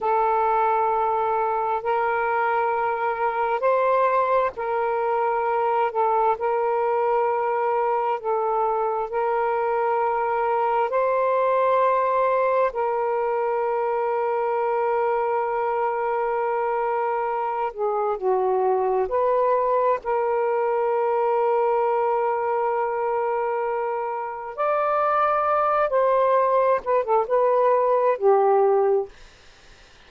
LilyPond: \new Staff \with { instrumentName = "saxophone" } { \time 4/4 \tempo 4 = 66 a'2 ais'2 | c''4 ais'4. a'8 ais'4~ | ais'4 a'4 ais'2 | c''2 ais'2~ |
ais'2.~ ais'8 gis'8 | fis'4 b'4 ais'2~ | ais'2. d''4~ | d''8 c''4 b'16 a'16 b'4 g'4 | }